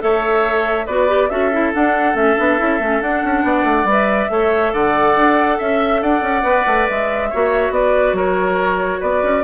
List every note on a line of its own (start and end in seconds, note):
0.00 0.87 A3
0.00 0.86 A4
0.00 0.86 C#5
0.00 0.87 E5
0.86 1.30 B3
0.86 1.08 F#4
0.86 1.29 B4
0.86 1.29 D5
1.08 1.29 G4
1.29 1.73 C#4
1.29 1.52 F#4
1.29 3.45 A4
1.29 1.72 E5
1.52 1.73 E4
1.73 2.14 D4
1.73 2.16 F#5
2.14 2.36 A3
2.14 2.35 C#4
2.14 3.02 E5
2.37 2.60 B3
2.37 2.58 D4
2.58 2.79 C#4
2.58 2.80 E4
2.79 3.01 A3
2.79 3.02 C#4
3.02 3.23 D4
3.02 3.87 D4
3.02 3.87 F#5
3.24 3.43 C#4
3.43 3.64 B3
3.43 4.31 D5
3.64 3.84 A3
3.84 4.27 G3
3.84 4.30 B4
3.91 4.74 E5
4.30 4.73 A3
4.30 6.43 A4
4.30 4.73 C#5
4.73 5.16 D3
4.73 5.58 D5
4.73 5.60 F#5
5.16 5.59 D4
5.58 6.03 C#4
5.58 6.01 E5
5.58 6.02 E5
6.02 6.22 D4
6.02 7.30 D5
6.02 6.88 F#5
6.22 6.43 C#4
6.43 6.65 B3
6.43 7.29 B4
6.67 6.88 A3
6.89 7.33 G#3
6.89 7.73 E5
7.30 7.70 A#3
7.30 9.44 F#4
7.30 7.73 C#5
7.70 8.13 B3
7.70 8.16 B4
7.70 8.16 D5
8.13 8.98 F#3
8.13 9.00 A#4
8.13 9.02 C#5
9.00 9.23 B3
9.00 9.43 B4
9.00 9.44 D5
9.23 9.44 C#4